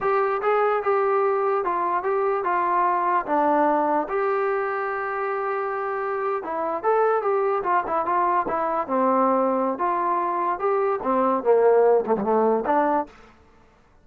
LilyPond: \new Staff \with { instrumentName = "trombone" } { \time 4/4 \tempo 4 = 147 g'4 gis'4 g'2 | f'4 g'4 f'2 | d'2 g'2~ | g'2.~ g'8. e'16~ |
e'8. a'4 g'4 f'8 e'8 f'16~ | f'8. e'4 c'2~ c'16 | f'2 g'4 c'4 | ais4. a16 g16 a4 d'4 | }